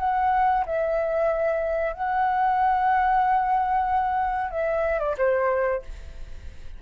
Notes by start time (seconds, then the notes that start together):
0.00 F#5
0.66 E5
1.93 F#5
4.51 E5
5.00 D5
5.18 C5